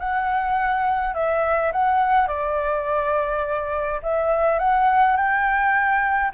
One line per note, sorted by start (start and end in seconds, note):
0.00 1.15 F#5
1.15 1.72 E5
1.73 2.28 F#5
2.28 4.01 D5
4.03 4.59 E5
4.59 5.17 F#5
5.17 6.33 G5